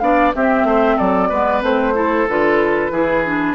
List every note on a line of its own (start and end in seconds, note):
0.00 0.33 B3
0.00 0.34 D4
0.00 0.36 D5
0.00 0.32 F5
0.35 1.32 C4
0.35 0.64 C4
0.35 0.67 G4
0.35 0.98 E5
0.64 0.96 A3
0.64 0.97 C5
0.97 1.32 F#3
0.97 1.29 A4
0.97 1.63 D5
1.29 1.62 G#3
1.29 1.62 B3
1.29 1.94 B4
1.62 2.27 A3
1.62 1.94 C4
1.62 2.29 C5
1.95 2.27 E4
1.95 2.92 A4
2.29 2.91 D3
2.29 2.92 F4
2.29 3.55 B4
2.91 3.55 E3
2.91 3.24 E4
2.91 3.55 G#4
3.25 3.55 D4